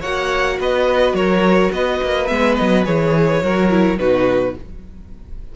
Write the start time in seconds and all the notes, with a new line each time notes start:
0.00 A#3 F#4 C#5 F#5
0.59 B3 B4 D#5
1.13 F#3 A#4 C#5
1.71 B3 B4 D#5
2.03 A#3
2.27 G#3 B3 E5
2.56 F#3 D#5
2.85 E3 G#4 C#5
3.42 F#3 F#4 A#4
3.70 E4
3.98 B2 D#4 F#4 B4